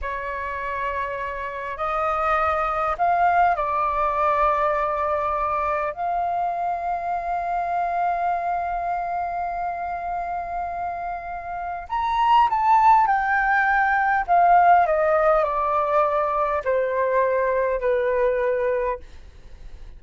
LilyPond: \new Staff \with { instrumentName = "flute" } { \time 4/4 \tempo 4 = 101 cis''2. dis''4~ | dis''4 f''4 d''2~ | d''2 f''2~ | f''1~ |
f''1 | ais''4 a''4 g''2 | f''4 dis''4 d''2 | c''2 b'2 | }